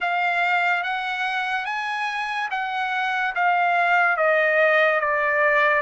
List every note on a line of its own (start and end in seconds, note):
0.00 0.83 F5
0.83 1.65 F#5
1.65 2.48 G#5
2.50 3.34 F#5
3.35 4.17 F5
4.17 5.00 D#5
5.00 5.81 D5